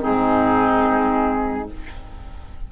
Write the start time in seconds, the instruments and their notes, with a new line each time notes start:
0.00 bassoon G#2, clarinet C4, oboe D#4, flute G#4